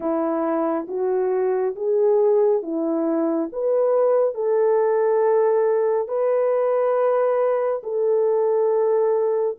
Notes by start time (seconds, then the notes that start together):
0.00 E4
0.88 F#4
1.75 G#4
2.62 E4
3.52 B4
4.34 A4
6.08 B4
7.83 A4